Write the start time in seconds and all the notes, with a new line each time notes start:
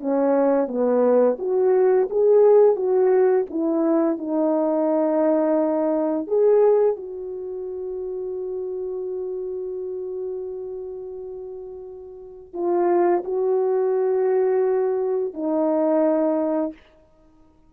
0.00 C#4
0.67 B3
1.39 F#4
2.10 G#4
2.76 F#4
3.50 E4
4.18 D#4
6.27 G#4
6.96 F#4
12.54 F4
13.24 F#4
15.34 D#4